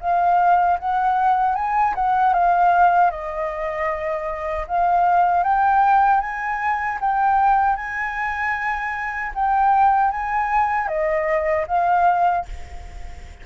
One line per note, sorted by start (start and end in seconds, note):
0.00 0.78 F5
0.79 1.55 F#5
1.55 1.94 G#5
1.95 2.33 F#5
2.33 3.10 F5
3.10 4.66 D#5
4.67 5.43 F5
5.43 6.21 G5
6.21 6.98 G#5
7.01 7.76 G5
7.76 9.32 G#5
9.34 10.11 G5
10.11 10.88 G#5
10.88 11.66 D#5
11.67 12.45 F5